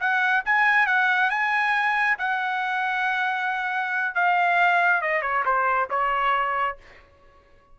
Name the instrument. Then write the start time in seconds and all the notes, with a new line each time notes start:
trumpet
0.00 F#5
0.46 G#5
0.87 F#5
1.30 G#5
2.18 F#5
4.15 F5
5.02 D#5
5.22 C#5
5.45 C5
5.90 C#5